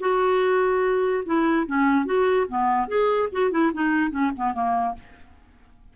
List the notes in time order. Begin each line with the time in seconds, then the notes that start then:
0.00 F#4
1.25 E4
1.67 C#4
2.06 F#4
2.48 B3
2.88 G#4
3.32 F#4
3.51 E4
3.74 D#4
4.11 C#4
4.36 B3
4.53 A#3